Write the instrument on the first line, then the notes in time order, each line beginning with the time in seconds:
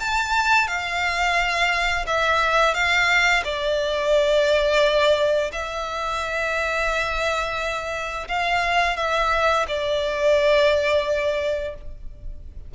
violin
0.00 A5
0.68 F5
2.07 E5
2.74 F5
3.45 D5
5.52 E5
8.29 F5
8.97 E5
9.68 D5